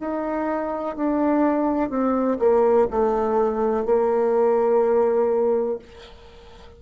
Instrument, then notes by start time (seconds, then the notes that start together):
bassoon
0.00 D#4
0.96 D4
1.90 C4
2.39 A#3
2.91 A3
3.85 A#3